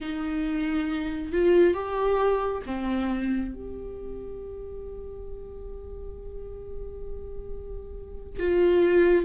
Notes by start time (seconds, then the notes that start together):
0.00 D#4
1.32 F4
1.74 G4
2.66 C4
3.54 G4
8.39 F4